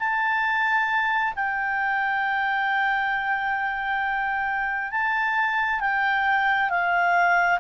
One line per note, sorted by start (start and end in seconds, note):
0.00 1.34 A5
1.36 4.92 G5
4.92 5.81 A5
5.81 6.70 G5
6.70 7.60 F5